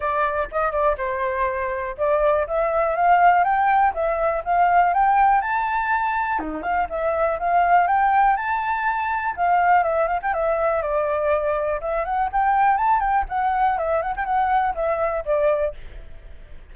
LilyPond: \new Staff \with { instrumentName = "flute" } { \time 4/4 \tempo 4 = 122 d''4 dis''8 d''8 c''2 | d''4 e''4 f''4 g''4 | e''4 f''4 g''4 a''4~ | a''4 dis'8 f''8 e''4 f''4 |
g''4 a''2 f''4 | e''8 f''16 g''16 e''4 d''2 | e''8 fis''8 g''4 a''8 g''8 fis''4 | e''8 fis''16 g''16 fis''4 e''4 d''4 | }